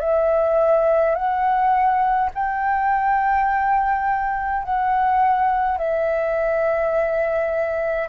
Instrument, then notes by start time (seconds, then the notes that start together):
flute
0.00 E5
1.15 F#5
2.34 G5
4.64 F#5
5.78 E5